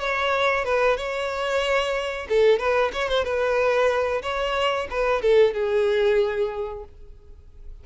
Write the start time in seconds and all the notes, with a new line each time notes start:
0.00 C#5
0.65 B4
0.97 C#5
2.29 A4
2.59 B4
2.93 C#5
3.09 C5
3.24 B4
4.22 C#5
4.91 B4
5.22 A4
5.54 G#4